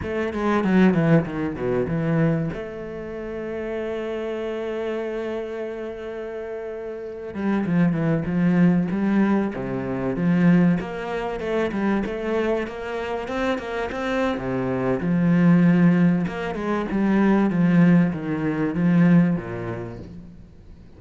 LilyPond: \new Staff \with { instrumentName = "cello" } { \time 4/4 \tempo 4 = 96 a8 gis8 fis8 e8 dis8 b,8 e4 | a1~ | a2.~ a8. g16~ | g16 f8 e8 f4 g4 c8.~ |
c16 f4 ais4 a8 g8 a8.~ | a16 ais4 c'8 ais8 c'8. c4 | f2 ais8 gis8 g4 | f4 dis4 f4 ais,4 | }